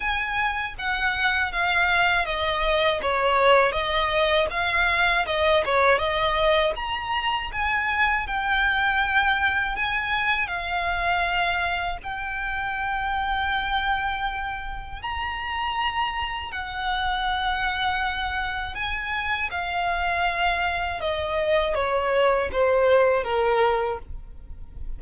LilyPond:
\new Staff \with { instrumentName = "violin" } { \time 4/4 \tempo 4 = 80 gis''4 fis''4 f''4 dis''4 | cis''4 dis''4 f''4 dis''8 cis''8 | dis''4 ais''4 gis''4 g''4~ | g''4 gis''4 f''2 |
g''1 | ais''2 fis''2~ | fis''4 gis''4 f''2 | dis''4 cis''4 c''4 ais'4 | }